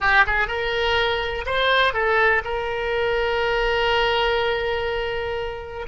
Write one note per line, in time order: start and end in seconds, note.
0.00 0.25 G4
0.26 0.47 G#4
0.47 1.45 A#4
1.46 1.93 C5
1.93 2.42 A4
2.44 5.86 A#4